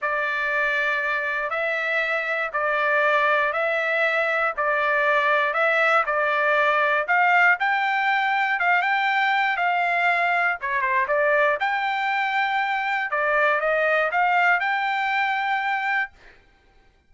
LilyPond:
\new Staff \with { instrumentName = "trumpet" } { \time 4/4 \tempo 4 = 119 d''2. e''4~ | e''4 d''2 e''4~ | e''4 d''2 e''4 | d''2 f''4 g''4~ |
g''4 f''8 g''4. f''4~ | f''4 cis''8 c''8 d''4 g''4~ | g''2 d''4 dis''4 | f''4 g''2. | }